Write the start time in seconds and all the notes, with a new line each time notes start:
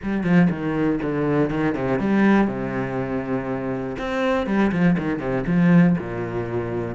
0.02 G3
0.23 F3
0.50 D#3
1.02 D3
1.50 D#3
1.74 C3
1.99 G3
2.47 C3
3.98 C4
4.46 G3
4.71 F3
4.97 D#3
5.19 C3
5.46 F3
5.98 A#2